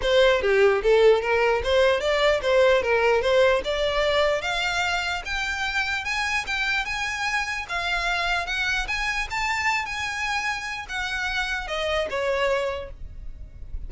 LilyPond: \new Staff \with { instrumentName = "violin" } { \time 4/4 \tempo 4 = 149 c''4 g'4 a'4 ais'4 | c''4 d''4 c''4 ais'4 | c''4 d''2 f''4~ | f''4 g''2 gis''4 |
g''4 gis''2 f''4~ | f''4 fis''4 gis''4 a''4~ | a''8 gis''2~ gis''8 fis''4~ | fis''4 dis''4 cis''2 | }